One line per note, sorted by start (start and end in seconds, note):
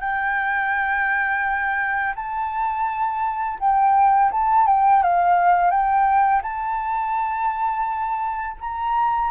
0.00 2.14 G5
2.15 3.58 A5
3.59 4.31 G5
4.31 4.67 A5
4.67 5.02 G5
5.03 5.70 F5
5.70 6.42 G5
6.42 8.56 A5
8.60 9.31 A#5